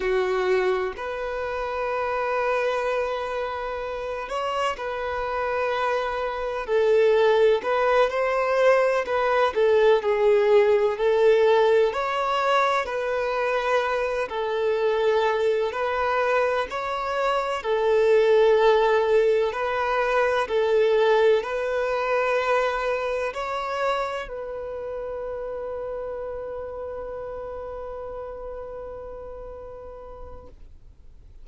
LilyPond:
\new Staff \with { instrumentName = "violin" } { \time 4/4 \tempo 4 = 63 fis'4 b'2.~ | b'8 cis''8 b'2 a'4 | b'8 c''4 b'8 a'8 gis'4 a'8~ | a'8 cis''4 b'4. a'4~ |
a'8 b'4 cis''4 a'4.~ | a'8 b'4 a'4 b'4.~ | b'8 cis''4 b'2~ b'8~ | b'1 | }